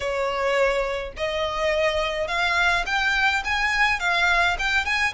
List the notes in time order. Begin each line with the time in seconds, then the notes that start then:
0.00 C#5
1.16 D#5
2.27 F5
2.86 G5
3.44 G#5
3.99 F5
4.58 G5
4.85 G#5